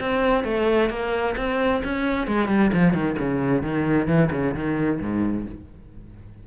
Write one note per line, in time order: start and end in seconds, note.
0.00 0.44 C4
0.44 0.89 A3
0.90 1.35 A#3
1.37 1.82 C4
1.84 2.27 C#4
2.27 2.48 G#3
2.48 2.71 G3
2.73 2.93 F3
2.93 3.16 D#3
3.19 3.62 C#3
3.62 4.07 D#3
4.07 4.30 E3
4.32 4.54 C#3
4.54 5.00 D#3
5.01 5.46 G#2